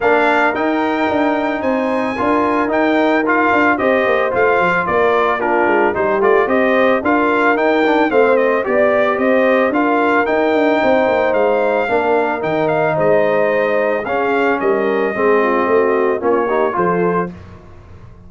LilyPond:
<<
  \new Staff \with { instrumentName = "trumpet" } { \time 4/4 \tempo 4 = 111 f''4 g''2 gis''4~ | gis''4 g''4 f''4 dis''4 | f''4 d''4 ais'4 c''8 d''8 | dis''4 f''4 g''4 f''8 dis''8 |
d''4 dis''4 f''4 g''4~ | g''4 f''2 g''8 f''8 | dis''2 f''4 dis''4~ | dis''2 cis''4 c''4 | }
  \new Staff \with { instrumentName = "horn" } { \time 4/4 ais'2. c''4 | ais'2. c''4~ | c''4 ais'4 f'4 g'4 | c''4 ais'2 c''4 |
d''4 c''4 ais'2 | c''2 ais'2 | c''2 gis'4 ais'4 | gis'8 f'8 fis'4 f'8 g'8 a'4 | }
  \new Staff \with { instrumentName = "trombone" } { \time 4/4 d'4 dis'2. | f'4 dis'4 f'4 g'4 | f'2 d'4 dis'8 f'8 | g'4 f'4 dis'8 d'8 c'4 |
g'2 f'4 dis'4~ | dis'2 d'4 dis'4~ | dis'2 cis'2 | c'2 cis'8 dis'8 f'4 | }
  \new Staff \with { instrumentName = "tuba" } { \time 4/4 ais4 dis'4 d'4 c'4 | d'4 dis'4. d'8 c'8 ais8 | a8 f8 ais4. gis8 g8 a8 | c'4 d'4 dis'4 a4 |
b4 c'4 d'4 dis'8 d'8 | c'8 ais8 gis4 ais4 dis4 | gis2 cis'4 g4 | gis4 a4 ais4 f4 | }
>>